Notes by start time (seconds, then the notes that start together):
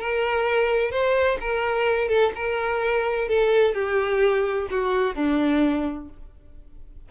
0.00 A#4
0.91 C5
1.41 A#4
2.09 A4
2.35 A#4
3.29 A4
3.74 G4
4.70 F#4
5.15 D4